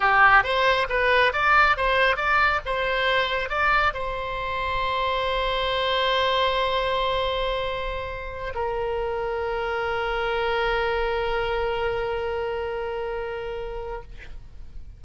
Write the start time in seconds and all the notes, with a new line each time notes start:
0.00 G4
0.43 C5
0.89 B4
1.33 D5
1.76 C5
2.16 D5
2.65 C5
3.49 D5
3.93 C5
8.54 A#4